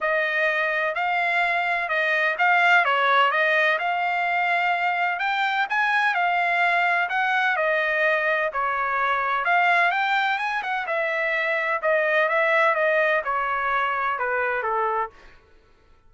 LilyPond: \new Staff \with { instrumentName = "trumpet" } { \time 4/4 \tempo 4 = 127 dis''2 f''2 | dis''4 f''4 cis''4 dis''4 | f''2. g''4 | gis''4 f''2 fis''4 |
dis''2 cis''2 | f''4 g''4 gis''8 fis''8 e''4~ | e''4 dis''4 e''4 dis''4 | cis''2 b'4 a'4 | }